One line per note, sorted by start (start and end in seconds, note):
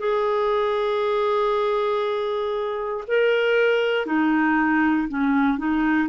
0.00 3.05 G#4
3.08 4.07 A#4
4.07 5.08 D#4
5.09 5.58 C#4
5.58 6.09 D#4